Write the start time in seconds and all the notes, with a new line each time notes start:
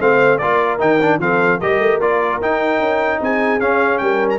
0.00 A3 C4 C5 F5
0.38 A#3 F4 A#4 D5
0.79 D#3 D#4 G5
1.01 D4
1.19 F3 C4 A4 F5
1.59 G3 G4 A#4 D#5
1.79 A3
2.00 A#3 F4 D5
2.41 D#4 G5
2.79 C#4
3.21 C4 G#4 G#5
3.60 C#4 F5
3.98 G3 A#4 G5
4.30 A#5